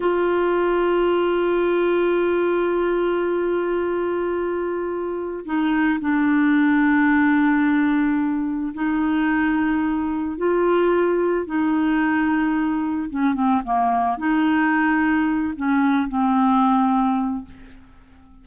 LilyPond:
\new Staff \with { instrumentName = "clarinet" } { \time 4/4 \tempo 4 = 110 f'1~ | f'1~ | f'2 dis'4 d'4~ | d'1 |
dis'2. f'4~ | f'4 dis'2. | cis'8 c'8 ais4 dis'2~ | dis'8 cis'4 c'2~ c'8 | }